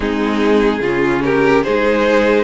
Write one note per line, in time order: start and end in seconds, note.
0.00 0.80 G#3
0.00 0.82 C4
0.00 0.81 D#4
0.00 1.22 G#4
0.80 1.62 C#3
0.80 1.66 C#4
0.80 1.22 F4
1.23 1.64 G4
1.23 1.63 A#4
1.63 2.44 G#3
1.63 2.44 D#4
1.63 2.44 G#4
1.63 2.44 C5